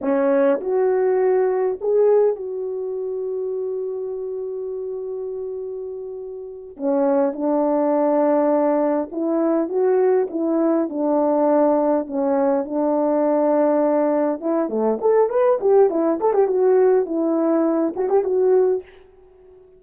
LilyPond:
\new Staff \with { instrumentName = "horn" } { \time 4/4 \tempo 4 = 102 cis'4 fis'2 gis'4 | fis'1~ | fis'2.~ fis'8 cis'8~ | cis'8 d'2. e'8~ |
e'8 fis'4 e'4 d'4.~ | d'8 cis'4 d'2~ d'8~ | d'8 e'8 a8 a'8 b'8 g'8 e'8 a'16 g'16 | fis'4 e'4. fis'16 g'16 fis'4 | }